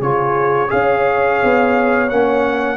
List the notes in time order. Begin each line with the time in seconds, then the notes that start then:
0.00 C#3 F4 G#4 C#5
0.68 C#4 G#4 C#5 F5
1.43 B3
2.09 A#3 C#4 F#5